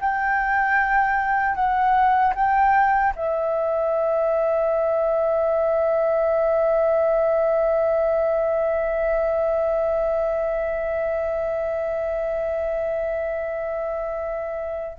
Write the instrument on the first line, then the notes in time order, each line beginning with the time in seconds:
flute
0.00 G5
1.55 F#5
2.35 G5
3.15 E5